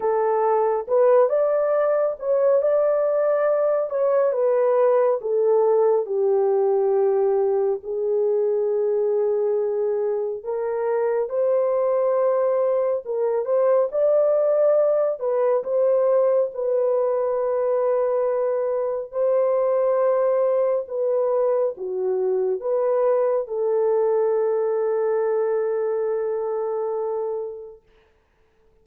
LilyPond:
\new Staff \with { instrumentName = "horn" } { \time 4/4 \tempo 4 = 69 a'4 b'8 d''4 cis''8 d''4~ | d''8 cis''8 b'4 a'4 g'4~ | g'4 gis'2. | ais'4 c''2 ais'8 c''8 |
d''4. b'8 c''4 b'4~ | b'2 c''2 | b'4 fis'4 b'4 a'4~ | a'1 | }